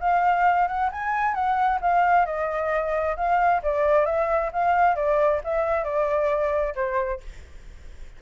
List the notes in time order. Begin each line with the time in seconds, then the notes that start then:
0.00 F5
0.67 F#5
0.92 G#5
1.34 F#5
1.81 F5
2.26 D#5
3.16 F5
3.63 D5
4.05 E5
4.53 F5
4.95 D5
5.44 E5
5.84 D5
6.75 C5